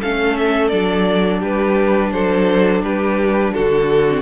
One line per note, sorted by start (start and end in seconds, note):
0.00 0.72 A3
0.00 0.71 C#4
0.00 1.39 A4
0.00 0.37 F5
0.37 0.68 E5
0.68 1.42 F#3
0.68 4.07 D4
0.68 1.39 D5
1.39 2.12 G3
1.39 2.10 G4
1.39 2.12 B4
2.12 2.82 F#3
2.12 2.84 A4
2.12 2.82 C5
2.82 3.53 G3
2.82 3.54 G4
2.82 3.54 B4
3.54 4.22 D3
3.54 4.22 F#4
3.54 4.22 A4
4.08 4.22 C4